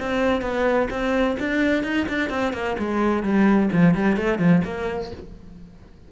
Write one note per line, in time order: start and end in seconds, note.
0.00 0.42 C4
0.42 0.88 B3
0.90 1.37 C4
1.40 1.84 D4
1.84 2.07 D#4
2.09 2.30 D4
2.30 2.53 C4
2.53 2.77 A#3
2.79 3.23 G#3
3.23 3.70 G3
3.73 3.95 F3
3.95 4.17 G3
4.17 4.39 A3
4.39 4.62 F3
4.65 5.12 A#3